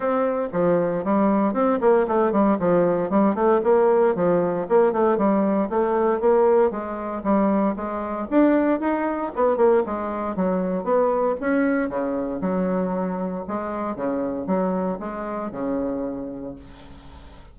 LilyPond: \new Staff \with { instrumentName = "bassoon" } { \time 4/4 \tempo 4 = 116 c'4 f4 g4 c'8 ais8 | a8 g8 f4 g8 a8 ais4 | f4 ais8 a8 g4 a4 | ais4 gis4 g4 gis4 |
d'4 dis'4 b8 ais8 gis4 | fis4 b4 cis'4 cis4 | fis2 gis4 cis4 | fis4 gis4 cis2 | }